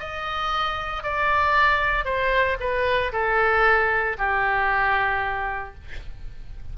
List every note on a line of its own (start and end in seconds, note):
0.00 1.04 D#5
1.04 2.05 D5
2.05 2.58 C5
2.60 3.13 B4
3.13 4.17 A4
4.18 5.75 G4